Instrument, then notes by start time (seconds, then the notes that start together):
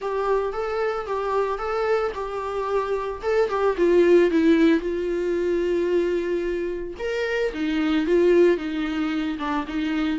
viola
0.01 G4
0.52 A4
1.06 G4
1.58 A4
2.14 G4
3.22 A4
3.49 G4
3.77 F4
4.31 E4
4.80 F4
6.98 A#4
7.53 D#4
8.06 F4
8.57 D#4
9.38 D4
9.67 D#4